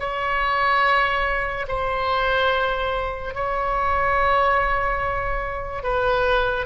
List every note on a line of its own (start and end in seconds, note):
0.00 1.67 C#5
1.69 3.34 C5
3.34 5.84 C#5
5.84 6.66 B4